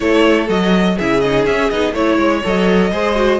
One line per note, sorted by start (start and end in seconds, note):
0.00 0.48 A3
0.00 0.47 E4
0.00 0.96 A4
0.00 0.48 C#5
0.47 0.97 F#3
0.47 0.96 F#4
0.47 0.97 D#5
0.96 1.45 C#3
0.96 1.24 E4
0.96 1.93 G#4
0.96 1.20 E5
1.20 1.48 D#4
1.20 1.44 D#5
1.45 1.70 C#4
1.45 1.72 C#4
1.45 1.69 E5
1.69 1.93 B3
1.69 1.93 D#4
1.69 1.94 D#5
1.93 2.17 A3
1.93 2.42 E4
1.93 2.90 C#5
1.93 2.43 C#5
2.17 2.42 G#3
2.43 2.91 F#3
2.43 2.92 A4
2.43 3.40 D#5
2.91 3.40 G#3
2.91 3.15 G#4
2.91 3.40 C5
3.15 3.39 F#4